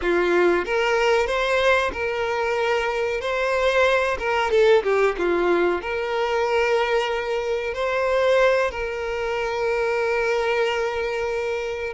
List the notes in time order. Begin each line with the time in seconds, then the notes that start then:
0.01 F4
0.65 A#4
1.26 C5
1.92 A#4
3.21 C5
4.18 A#4
4.50 A4
4.83 G4
5.18 F4
5.81 A#4
7.74 C5
8.70 A#4